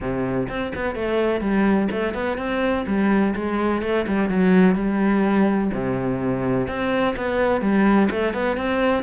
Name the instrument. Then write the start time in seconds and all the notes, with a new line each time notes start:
cello
0.00 C3
0.48 C4
0.75 B3
0.95 A3
1.40 G3
1.91 A3
2.13 B3
2.37 C4
2.86 G3
3.35 G#3
3.82 A3
4.07 G3
4.29 F#3
4.75 G3
5.73 C3
6.67 C4
7.16 B3
7.61 G3
8.10 A3
8.33 B3
8.56 C4